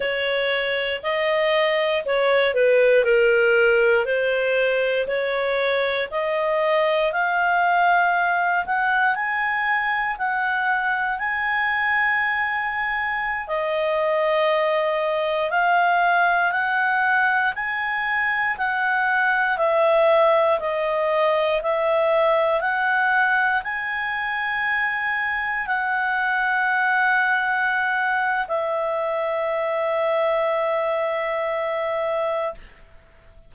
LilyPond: \new Staff \with { instrumentName = "clarinet" } { \time 4/4 \tempo 4 = 59 cis''4 dis''4 cis''8 b'8 ais'4 | c''4 cis''4 dis''4 f''4~ | f''8 fis''8 gis''4 fis''4 gis''4~ | gis''4~ gis''16 dis''2 f''8.~ |
f''16 fis''4 gis''4 fis''4 e''8.~ | e''16 dis''4 e''4 fis''4 gis''8.~ | gis''4~ gis''16 fis''2~ fis''8. | e''1 | }